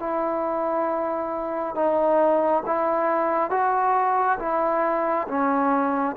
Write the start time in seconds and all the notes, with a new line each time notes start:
0.00 E4
1.75 D#4
2.66 E4
3.51 F#4
4.40 E4
5.28 C#4